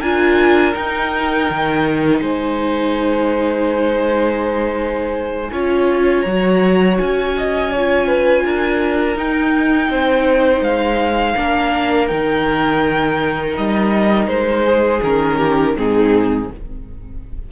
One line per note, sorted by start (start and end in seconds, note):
0.00 0.75 D4
0.00 0.75 F4
0.00 2.20 A#4
0.00 0.74 G#5
0.75 5.50 D#4
0.75 1.49 D#4
0.75 2.20 G5
1.50 2.21 D#3
2.20 5.50 G#3
2.20 5.51 C5
2.20 6.22 G#5
5.52 6.25 C#4
5.52 6.27 F4
5.52 7.36 C#5
6.22 6.99 F#3
6.22 7.74 F#4
6.22 6.95 A#5
6.98 8.45 C#4
6.98 9.17 G#5
7.38 7.72 D#5
7.72 9.16 F4
7.72 8.07 C#5
8.07 8.44 B4
8.45 9.17 D4
8.45 9.90 A#4
9.16 11.36 D#4
9.16 9.89 D#4
9.16 10.63 G5
9.89 10.61 C4
9.89 11.36 C5
10.61 11.34 G#3
10.61 12.08 F5
11.36 12.11 A#3
11.36 12.08 D4
11.36 14.65 A#4
12.08 13.57 D#3
12.08 15.01 D#4
12.08 13.54 G5
13.57 14.27 G3
13.57 14.28 D#5
14.27 15.00 G#3
14.27 15.01 C5
14.65 15.38 G#4
15.03 15.76 D#3
15.03 15.77 C#4
15.03 15.77 A#4
15.38 15.74 G4
15.77 16.51 G#2
15.77 16.50 C4
15.77 16.52 D#4
15.77 16.51 G#4